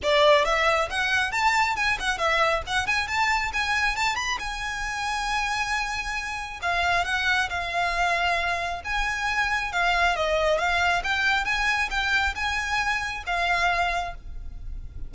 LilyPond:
\new Staff \with { instrumentName = "violin" } { \time 4/4 \tempo 4 = 136 d''4 e''4 fis''4 a''4 | gis''8 fis''8 e''4 fis''8 gis''8 a''4 | gis''4 a''8 b''8 gis''2~ | gis''2. f''4 |
fis''4 f''2. | gis''2 f''4 dis''4 | f''4 g''4 gis''4 g''4 | gis''2 f''2 | }